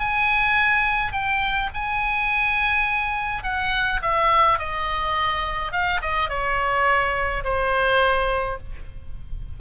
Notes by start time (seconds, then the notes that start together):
0.00 G#5
1.13 G5
1.74 G#5
3.44 F#5
4.02 E5
4.59 D#5
5.73 F5
6.02 D#5
6.30 C#5
7.44 C5